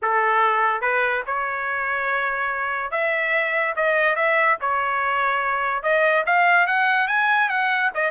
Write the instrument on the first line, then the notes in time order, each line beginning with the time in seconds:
trumpet
0.02 A4
0.81 B4
1.26 C#5
2.91 E5
3.75 D#5
4.15 E5
4.60 C#5
5.82 D#5
6.25 F5
6.67 F#5
7.07 G#5
7.49 F#5
7.94 D#5